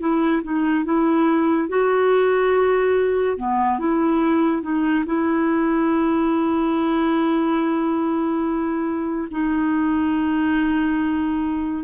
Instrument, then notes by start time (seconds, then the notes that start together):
clarinet
0.00 E4
0.43 D#4
0.85 E4
1.69 F#4
3.37 B3
3.79 E4
4.62 D#4
5.06 E4
9.31 D#4